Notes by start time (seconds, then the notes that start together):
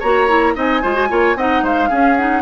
0.00 A#3 F#4 C#5 A#5
0.28 E4
0.55 C4 D#4 D#5 G#5
0.82 G#3 F4 C5
0.94 F#4
1.09 A#3 F4 C#5
1.35 C4 D#4 D#5 F#5
1.62 G#3 C5 F5
1.89 C#4 G#4
2.16 D#4 F#5